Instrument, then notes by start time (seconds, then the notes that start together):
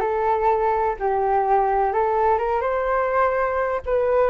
flute
0.00 A4
0.99 G4
1.93 A4
2.38 A#4
2.61 C5
3.86 B4